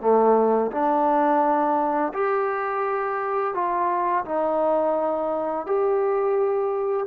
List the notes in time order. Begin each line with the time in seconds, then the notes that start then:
0.00 A3
0.71 D4
2.13 G4
3.54 F4
4.24 D#4
5.66 G4